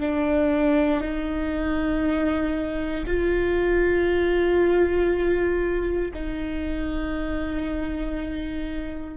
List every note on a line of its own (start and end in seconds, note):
0.00 1.00 D4
1.00 3.04 D#4
3.06 6.12 F4
6.14 9.17 D#4